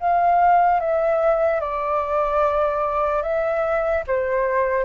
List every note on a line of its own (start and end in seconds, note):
0.00 0.80 F5
0.80 1.61 E5
1.61 3.23 D5
3.23 4.04 E5
4.08 4.85 C5